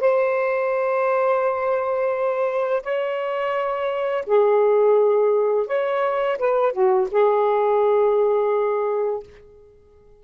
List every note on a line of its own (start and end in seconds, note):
0.00 2.82 C5
2.83 4.24 C#5
4.26 5.67 G#4
5.67 6.37 C#5
6.38 6.72 B4
6.72 7.07 F#4
7.11 9.23 G#4